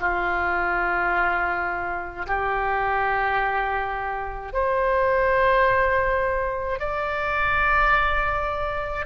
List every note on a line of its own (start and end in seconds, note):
0.00 2.26 F4
2.27 4.53 G4
4.53 6.79 C5
6.79 9.06 D5